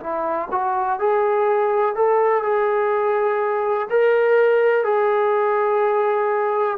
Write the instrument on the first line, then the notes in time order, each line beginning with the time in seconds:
trombone
0.00 E4
0.51 F#4
0.99 G#4
1.96 A4
2.43 G#4
3.90 A#4
4.84 G#4